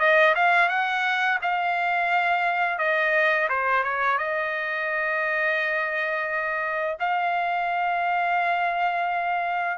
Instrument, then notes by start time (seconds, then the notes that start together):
trumpet
0.00 D#5
0.36 F5
0.69 F#5
1.42 F5
2.79 D#5
3.49 C5
3.84 C#5
4.18 D#5
7.00 F5